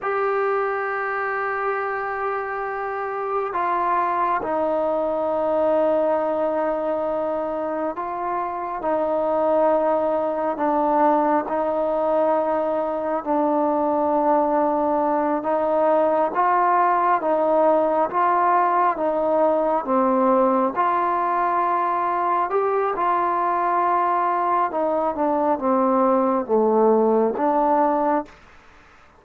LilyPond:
\new Staff \with { instrumentName = "trombone" } { \time 4/4 \tempo 4 = 68 g'1 | f'4 dis'2.~ | dis'4 f'4 dis'2 | d'4 dis'2 d'4~ |
d'4. dis'4 f'4 dis'8~ | dis'8 f'4 dis'4 c'4 f'8~ | f'4. g'8 f'2 | dis'8 d'8 c'4 a4 d'4 | }